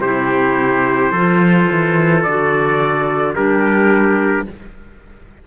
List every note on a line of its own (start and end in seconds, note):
0.00 1.11 C3
0.00 1.15 E4
0.00 1.12 G4
0.00 2.23 C5
1.12 1.67 F3
1.12 2.27 F4
1.12 3.34 A4
1.71 2.25 E3
2.23 3.36 D3
2.23 3.36 F#4
2.23 3.34 D5
3.35 4.47 G3
3.35 4.47 D4
3.35 4.47 G4
3.35 4.47 A#4